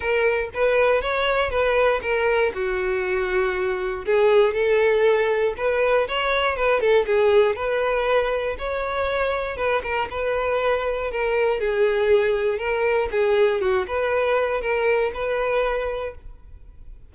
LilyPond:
\new Staff \with { instrumentName = "violin" } { \time 4/4 \tempo 4 = 119 ais'4 b'4 cis''4 b'4 | ais'4 fis'2. | gis'4 a'2 b'4 | cis''4 b'8 a'8 gis'4 b'4~ |
b'4 cis''2 b'8 ais'8 | b'2 ais'4 gis'4~ | gis'4 ais'4 gis'4 fis'8 b'8~ | b'4 ais'4 b'2 | }